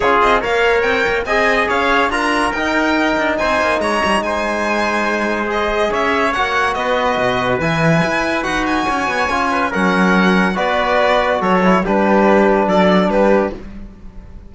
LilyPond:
<<
  \new Staff \with { instrumentName = "violin" } { \time 4/4 \tempo 4 = 142 cis''8 dis''8 f''4 g''4 gis''4 | f''4 ais''4 g''2 | gis''4 ais''4 gis''2~ | gis''4 dis''4 e''4 fis''4 |
dis''2 gis''2 | fis''8 gis''2~ gis''8 fis''4~ | fis''4 d''2 cis''4 | b'2 d''4 b'4 | }
  \new Staff \with { instrumentName = "trumpet" } { \time 4/4 gis'4 cis''2 dis''4 | cis''4 ais'2. | c''4 cis''4 c''2~ | c''2 cis''2 |
b'1~ | b'4 cis''4. b'8 ais'4~ | ais'4 b'2 a'4 | g'2 a'4 g'4 | }
  \new Staff \with { instrumentName = "trombone" } { \time 4/4 f'4 ais'2 gis'4~ | gis'4 f'4 dis'2~ | dis'1~ | dis'4 gis'2 fis'4~ |
fis'2 e'2 | fis'2 f'4 cis'4~ | cis'4 fis'2~ fis'8 e'8 | d'1 | }
  \new Staff \with { instrumentName = "cello" } { \time 4/4 cis'8 c'8 ais4 c'8 ais8 c'4 | cis'4 d'4 dis'4. d'8 | c'8 ais8 gis8 g8 gis2~ | gis2 cis'4 ais4 |
b4 b,4 e4 e'4 | dis'4 cis'8 b8 cis'4 fis4~ | fis4 b2 fis4 | g2 fis4 g4 | }
>>